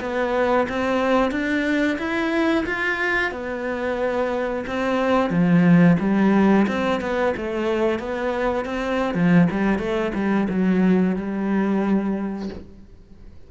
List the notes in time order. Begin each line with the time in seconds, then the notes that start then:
0.00 B3
0.68 C4
1.31 D4
1.98 E4
2.66 F4
3.31 B3
4.66 C4
5.30 F3
5.99 G3
6.67 C4
7.01 B3
7.37 A3
7.99 B3
8.65 C4
9.14 F3
9.51 G3
9.78 A3
10.14 G3
10.49 F#3
11.16 G3